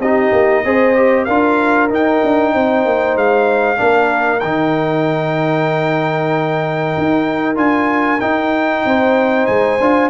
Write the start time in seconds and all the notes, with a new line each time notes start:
0.00 C4 D#4 G4 D#5
0.32 A#3
0.65 C4 G#4 C5
0.96 G4
1.25 D4 F4 A#4 F5
1.89 D#4 G5
2.24 D4
2.54 C4 C5
2.86 A#3
3.16 G#3 F5
3.77 A#3 D4 A#4
4.40 D#3 D#4 G5
6.98 D#4
7.56 D4 F4 G#5
8.21 D#4 G5
8.85 C4 C5
9.47 G#3 G#5
9.81 D4 F4